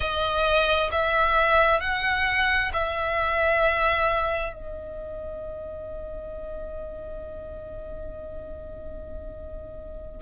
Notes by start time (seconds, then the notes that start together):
0.00 D#5
0.91 E5
1.80 F#5
2.73 E5
4.52 D#5